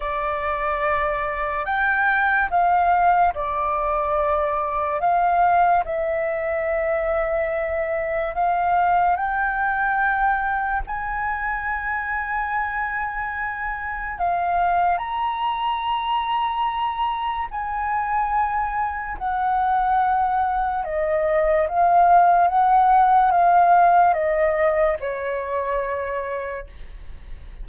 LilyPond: \new Staff \with { instrumentName = "flute" } { \time 4/4 \tempo 4 = 72 d''2 g''4 f''4 | d''2 f''4 e''4~ | e''2 f''4 g''4~ | g''4 gis''2.~ |
gis''4 f''4 ais''2~ | ais''4 gis''2 fis''4~ | fis''4 dis''4 f''4 fis''4 | f''4 dis''4 cis''2 | }